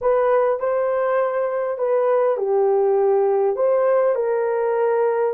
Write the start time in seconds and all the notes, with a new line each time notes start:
0.01 B4
0.59 C5
1.78 B4
2.37 G4
3.56 C5
4.15 A#4